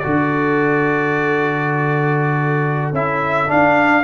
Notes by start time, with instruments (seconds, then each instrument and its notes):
0.00 trombone F#4, horn A4, trumpet D5
0.06 tuba D3
2.92 tuba C#4, trombone E4, trumpet E5
3.48 trombone D4, tuba D4, trumpet F5